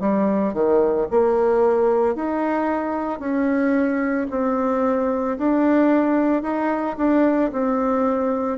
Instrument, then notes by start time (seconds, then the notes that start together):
bassoon
0.00 G3
0.53 D#3
1.11 A#3
2.15 D#4
3.19 C#4
4.30 C4
5.38 D4
6.42 D#4
6.96 D4
7.52 C4